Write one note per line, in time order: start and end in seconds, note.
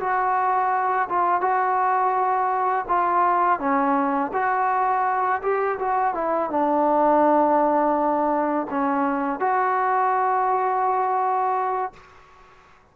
0.00 1.08 F#4
1.09 1.41 F4
1.41 2.86 F#4
2.88 3.59 F4
3.59 4.32 C#4
4.33 5.42 F#4
5.42 5.78 G4
5.79 6.14 F#4
6.14 6.50 E4
6.50 8.67 D4
8.70 9.40 C#4
9.40 11.93 F#4